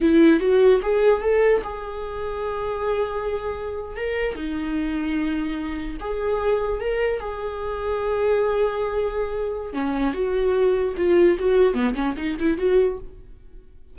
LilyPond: \new Staff \with { instrumentName = "viola" } { \time 4/4 \tempo 4 = 148 e'4 fis'4 gis'4 a'4 | gis'1~ | gis'4.~ gis'16 ais'4 dis'4~ dis'16~ | dis'2~ dis'8. gis'4~ gis'16~ |
gis'8. ais'4 gis'2~ gis'16~ | gis'1 | cis'4 fis'2 f'4 | fis'4 b8 cis'8 dis'8 e'8 fis'4 | }